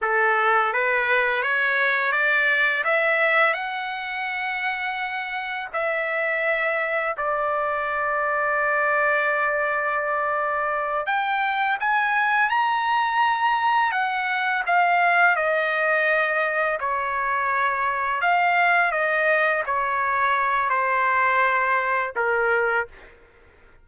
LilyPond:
\new Staff \with { instrumentName = "trumpet" } { \time 4/4 \tempo 4 = 84 a'4 b'4 cis''4 d''4 | e''4 fis''2. | e''2 d''2~ | d''2.~ d''8 g''8~ |
g''8 gis''4 ais''2 fis''8~ | fis''8 f''4 dis''2 cis''8~ | cis''4. f''4 dis''4 cis''8~ | cis''4 c''2 ais'4 | }